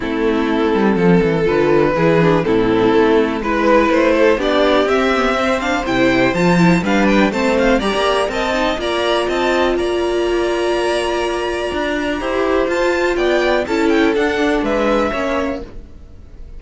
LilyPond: <<
  \new Staff \with { instrumentName = "violin" } { \time 4/4 \tempo 4 = 123 a'2. b'4~ | b'4 a'2 b'4 | c''4 d''4 e''4. f''8 | g''4 a''4 f''8 g''8 a''8 f''8 |
ais''4 a''4 ais''4 a''4 | ais''1~ | ais''2 a''4 g''4 | a''8 g''8 fis''4 e''2 | }
  \new Staff \with { instrumentName = "violin" } { \time 4/4 e'2 a'2 | gis'4 e'2 b'4~ | b'8 a'8 g'2 c''4~ | c''2 b'4 c''4 |
d''4 dis''4 d''4 dis''4 | d''1~ | d''4 c''2 d''4 | a'2 b'4 cis''4 | }
  \new Staff \with { instrumentName = "viola" } { \time 4/4 c'2. f'4 | e'8 d'8 c'2 e'4~ | e'4 d'4 c'8 b8 c'8 d'8 | e'4 f'8 e'8 d'4 c'4 |
g'4 ais'8 dis'8 f'2~ | f'1~ | f'4 g'4 f'2 | e'4 d'2 cis'4 | }
  \new Staff \with { instrumentName = "cello" } { \time 4/4 a4. g8 f8 e8 d4 | e4 a,4 a4 gis4 | a4 b4 c'2 | c4 f4 g4 a4 |
g16 ais8. c'4 ais4 c'4 | ais1 | d'4 e'4 f'4 b4 | cis'4 d'4 gis4 ais4 | }
>>